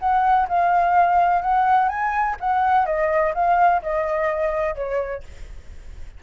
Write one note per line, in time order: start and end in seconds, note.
0.00 0.48 F#5
0.48 1.42 F5
1.42 1.89 F#5
1.89 2.37 G#5
2.41 2.86 F#5
2.86 3.34 D#5
3.34 3.82 F5
3.82 4.76 D#5
4.76 5.23 C#5